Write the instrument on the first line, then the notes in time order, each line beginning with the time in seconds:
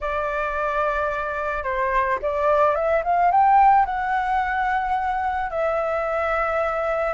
flute
0.01 D5
1.63 C5
2.22 D5
2.75 E5
3.04 F5
3.31 G5
3.85 F#5
5.50 E5